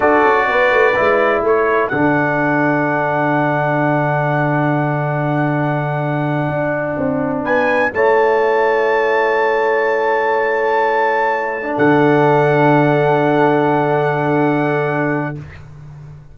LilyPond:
<<
  \new Staff \with { instrumentName = "trumpet" } { \time 4/4 \tempo 4 = 125 d''2. cis''4 | fis''1~ | fis''1~ | fis''2.~ fis''8 gis''8~ |
gis''8 a''2.~ a''8~ | a''1~ | a''8 fis''2.~ fis''8~ | fis''1 | }
  \new Staff \with { instrumentName = "horn" } { \time 4/4 a'4 b'2 a'4~ | a'1~ | a'1~ | a'2.~ a'8 b'8~ |
b'8 cis''2.~ cis''8~ | cis''1~ | cis''8 a'2.~ a'8~ | a'1 | }
  \new Staff \with { instrumentName = "trombone" } { \time 4/4 fis'2 e'2 | d'1~ | d'1~ | d'1~ |
d'8 e'2.~ e'8~ | e'1~ | e'16 d'2.~ d'8.~ | d'1 | }
  \new Staff \with { instrumentName = "tuba" } { \time 4/4 d'8 cis'8 b8 a8 gis4 a4 | d1~ | d1~ | d4. d'4 c'4 b8~ |
b8 a2.~ a8~ | a1~ | a8 d2.~ d8~ | d1 | }
>>